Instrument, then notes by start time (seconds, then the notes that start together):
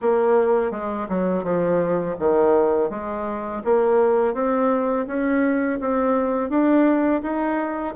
bassoon
0.01 A#3
0.71 G#3
1.08 F#3
1.43 F3
2.19 D#3
2.89 G#3
3.64 A#3
4.33 C4
5.07 C#4
5.80 C4
6.49 D4
7.22 D#4